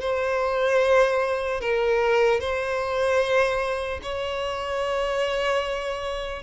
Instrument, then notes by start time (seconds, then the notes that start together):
violin
0.00 C5
1.60 A#4
2.40 C5
4.03 C#5